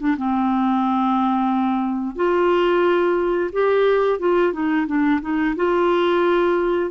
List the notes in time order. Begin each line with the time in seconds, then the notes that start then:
0.00 D4
0.17 C4
2.16 F4
3.52 G4
4.20 F4
4.53 D#4
4.87 D4
5.22 D#4
5.56 F4